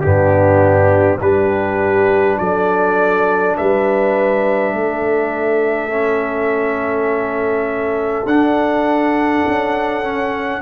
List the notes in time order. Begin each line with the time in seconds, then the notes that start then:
0.00 G2 B3 D4 G4
1.19 G3 D4 G4 B4
2.38 F#3 A4 D5
3.56 G3 B4 E5
4.73 A3 A4
5.90 C#4
8.25 D4 F#5
9.47 C#4
10.03 C#4